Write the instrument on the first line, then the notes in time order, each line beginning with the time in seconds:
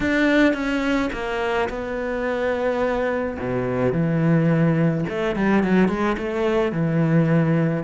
cello
0.00 D4
0.53 C#4
1.12 A#3
1.69 B3
3.39 B2
3.92 E3
5.09 A3
5.35 G3
5.63 F#3
5.88 G#3
6.17 A3
6.72 E3